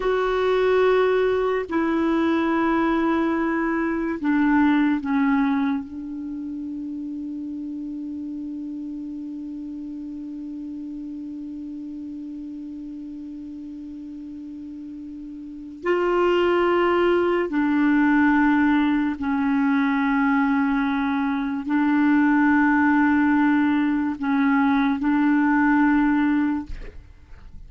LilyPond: \new Staff \with { instrumentName = "clarinet" } { \time 4/4 \tempo 4 = 72 fis'2 e'2~ | e'4 d'4 cis'4 d'4~ | d'1~ | d'1~ |
d'2. f'4~ | f'4 d'2 cis'4~ | cis'2 d'2~ | d'4 cis'4 d'2 | }